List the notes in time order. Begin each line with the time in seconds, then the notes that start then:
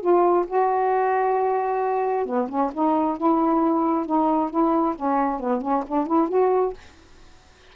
0.00 F4
0.47 F#4
2.26 B3
2.48 C#4
2.73 D#4
3.17 E4
4.06 D#4
4.50 E4
4.95 C#4
5.40 B3
5.61 C#4
5.87 D4
6.06 E4
6.28 F#4